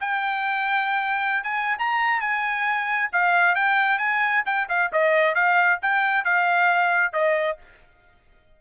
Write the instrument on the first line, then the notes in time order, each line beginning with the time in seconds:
trumpet
0.00 G5
1.43 G#5
1.78 A#5
2.20 G#5
3.12 F5
3.55 G5
3.98 G#5
4.45 G5
4.69 F5
4.92 D#5
5.34 F5
5.82 G5
6.24 F5
7.13 D#5